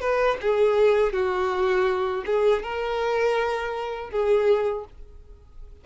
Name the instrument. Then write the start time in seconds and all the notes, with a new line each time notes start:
violin
0.00 B4
0.41 G#4
1.12 F#4
2.26 G#4
2.62 A#4
4.10 G#4